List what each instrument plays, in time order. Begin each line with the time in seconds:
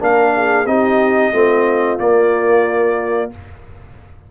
0.00 tuba A#3, trombone D4, horn A#4, trumpet F5
0.36 horn G#4
0.66 tuba C4, trombone D#4, horn G4, trumpet D#5
1.33 tuba A3, trombone C4, horn F4
1.99 trombone A#3, tuba A#3, trumpet D5